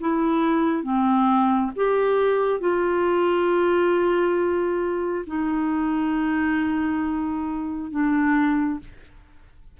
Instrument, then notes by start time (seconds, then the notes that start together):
clarinet
0.00 E4
0.83 C4
1.76 G4
2.60 F4
5.27 D#4
7.91 D4